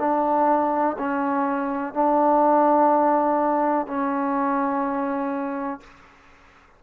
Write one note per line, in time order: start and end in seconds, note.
0.00 0.97 D4
0.99 1.94 C#4
1.94 3.87 D4
3.87 5.81 C#4